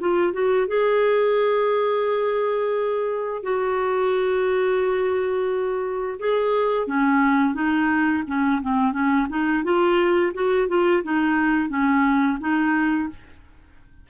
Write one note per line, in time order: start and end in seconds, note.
0.00 0.33 F4
0.33 0.67 F#4
0.67 3.43 G#4
3.43 6.19 F#4
6.20 6.87 G#4
6.87 7.55 C#4
7.55 8.24 D#4
8.27 8.61 C#4
8.62 8.93 C4
8.93 9.27 C#4
9.29 9.64 D#4
9.64 10.33 F4
10.34 10.69 F#4
10.69 11.03 F4
11.03 11.69 D#4
11.69 12.38 C#4
12.40 13.09 D#4